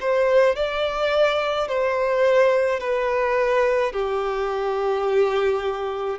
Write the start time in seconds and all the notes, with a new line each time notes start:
0.00 C5
0.56 D5
1.68 C5
2.80 B4
3.93 G4